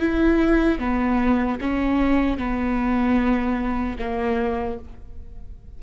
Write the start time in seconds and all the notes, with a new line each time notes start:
0.00 E4
0.79 B3
1.61 C#4
2.38 B3
3.99 A#3